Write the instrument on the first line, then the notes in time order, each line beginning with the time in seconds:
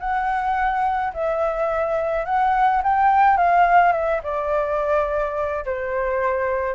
flute
0.00 F#5
1.14 E5
2.26 F#5
2.83 G5
3.38 F5
3.93 E5
4.24 D5
5.66 C5